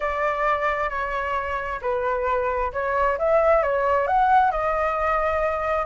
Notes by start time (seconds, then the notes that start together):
0.00 D5
0.89 C#5
1.81 B4
2.73 C#5
3.18 E5
3.62 C#5
4.07 F#5
4.51 D#5